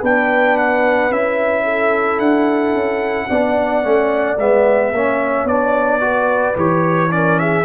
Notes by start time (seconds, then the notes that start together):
0.00 B3 D4 B4 G5
0.58 F#5
1.11 C#4 E4 E5
1.64 A4
2.19 D4 F#5
2.73 C#4
3.29 B3 D4 D5
3.83 A3 C#4
4.39 G#3 B3 E5
4.93 A#3 C#4 C#5
5.45 B3 D4 D5
6.00 F#4 B4
6.55 E3 G4 C#5
7.11 C#4 A#4 D5
7.39 G#4 E5